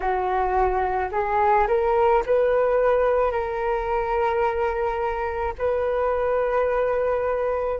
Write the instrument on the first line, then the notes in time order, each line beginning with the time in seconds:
flute
0.00 F#4
1.11 G#4
1.67 A#4
2.25 B4
3.31 A#4
5.58 B4